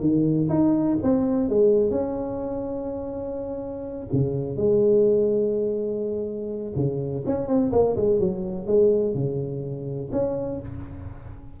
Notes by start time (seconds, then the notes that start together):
0.00 D#3
0.49 D#4
1.03 C4
1.49 G#3
1.90 C#4
4.12 C#3
4.56 G#3
6.75 C#3
7.25 C#4
7.47 C4
7.71 A#3
7.96 G#3
8.19 F#3
8.66 G#3
9.14 C#3
10.12 C#4